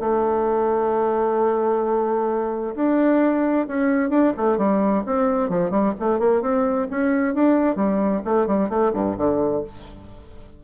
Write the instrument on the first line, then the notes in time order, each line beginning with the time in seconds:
bassoon
0.00 A3
2.75 D4
3.68 C#4
4.10 D4
4.37 A3
4.58 G3
5.06 C4
5.49 F3
5.71 G3
6.00 A3
6.19 A#3
6.42 C4
6.91 C#4
7.34 D4
7.76 G3
8.25 A3
8.47 G3
8.69 A3
8.94 G2
9.17 D3